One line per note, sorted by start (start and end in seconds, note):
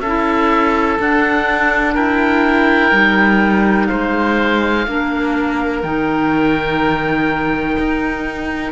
0.00 0.97 C#4
0.00 1.94 A4
0.00 0.97 E5
0.06 1.00 E4
0.99 1.96 D4
0.99 2.91 D4
0.99 1.95 F#5
1.94 2.92 E4
1.94 3.87 A#4
1.94 3.87 G5
2.91 3.88 G3
2.91 4.84 D#4
3.87 4.87 G#3
3.87 4.85 C5
3.87 5.80 F5
4.87 5.83 A#3
4.87 5.83 D4
4.87 8.72 A#4
5.82 7.77 D#3
5.82 8.72 D#4
5.82 8.72 G5
7.78 8.72 D#4